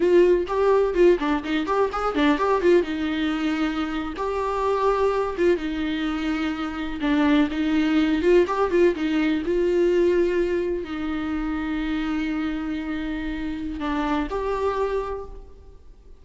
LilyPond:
\new Staff \with { instrumentName = "viola" } { \time 4/4 \tempo 4 = 126 f'4 g'4 f'8 d'8 dis'8 g'8 | gis'8 d'8 g'8 f'8 dis'2~ | dis'8. g'2~ g'8 f'8 dis'16~ | dis'2~ dis'8. d'4 dis'16~ |
dis'4~ dis'16 f'8 g'8 f'8 dis'4 f'16~ | f'2~ f'8. dis'4~ dis'16~ | dis'1~ | dis'4 d'4 g'2 | }